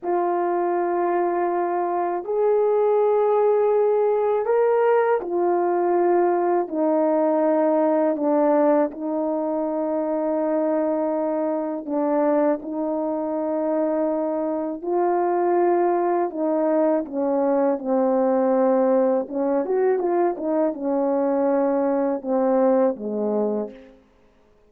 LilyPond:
\new Staff \with { instrumentName = "horn" } { \time 4/4 \tempo 4 = 81 f'2. gis'4~ | gis'2 ais'4 f'4~ | f'4 dis'2 d'4 | dis'1 |
d'4 dis'2. | f'2 dis'4 cis'4 | c'2 cis'8 fis'8 f'8 dis'8 | cis'2 c'4 gis4 | }